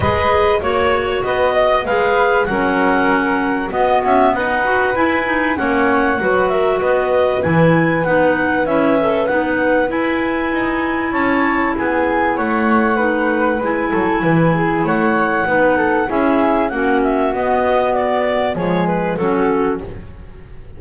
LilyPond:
<<
  \new Staff \with { instrumentName = "clarinet" } { \time 4/4 \tempo 4 = 97 dis''4 cis''4 dis''4 f''4 | fis''2 dis''8 e''8 fis''4 | gis''4 fis''4. e''8 dis''4 | gis''4 fis''4 e''4 fis''4 |
gis''2 a''4 gis''4 | fis''2 gis''2 | fis''2 e''4 fis''8 e''8 | dis''4 d''4 cis''8 b'8 a'4 | }
  \new Staff \with { instrumentName = "flute" } { \time 4/4 b'4 cis''4 b'8 dis''8 b'4 | ais'2 fis'4 b'4~ | b'4 cis''4 b'8 ais'8 b'4~ | b'1~ |
b'2 cis''4 gis'4 | cis''4 b'4. a'8 b'8 gis'8 | cis''4 b'8 a'8 gis'4 fis'4~ | fis'2 gis'4 fis'4 | }
  \new Staff \with { instrumentName = "clarinet" } { \time 4/4 gis'4 fis'2 gis'4 | cis'2 b4. fis'8 | e'8 dis'8 cis'4 fis'2 | e'4 dis'4 e'8 a'8 dis'4 |
e'1~ | e'4 dis'4 e'2~ | e'4 dis'4 e'4 cis'4 | b2 gis4 cis'4 | }
  \new Staff \with { instrumentName = "double bass" } { \time 4/4 gis4 ais4 b4 gis4 | fis2 b8 cis'8 dis'4 | e'4 ais4 fis4 b4 | e4 b4 cis'4 b4 |
e'4 dis'4 cis'4 b4 | a2 gis8 fis8 e4 | a4 b4 cis'4 ais4 | b2 f4 fis4 | }
>>